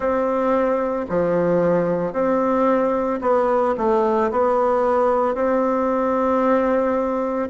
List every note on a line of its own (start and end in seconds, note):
0.00 1.06 C4
1.09 2.12 F3
2.12 3.19 C4
3.21 3.75 B3
3.77 4.31 A3
4.31 5.34 B3
5.34 7.49 C4